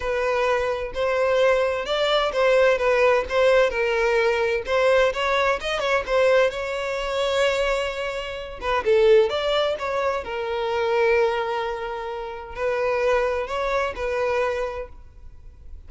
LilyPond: \new Staff \with { instrumentName = "violin" } { \time 4/4 \tempo 4 = 129 b'2 c''2 | d''4 c''4 b'4 c''4 | ais'2 c''4 cis''4 | dis''8 cis''8 c''4 cis''2~ |
cis''2~ cis''8 b'8 a'4 | d''4 cis''4 ais'2~ | ais'2. b'4~ | b'4 cis''4 b'2 | }